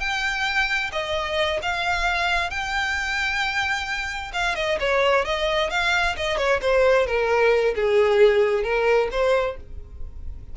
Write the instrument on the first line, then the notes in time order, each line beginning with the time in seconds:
violin
0.00 G5
0.92 D#5
1.62 F5
2.50 G5
4.33 F5
4.56 D#5
4.80 C#5
5.25 D#5
5.70 F5
6.17 D#5
6.37 C#5
6.62 C5
7.07 A#4
7.75 G#4
8.63 A#4
9.11 C5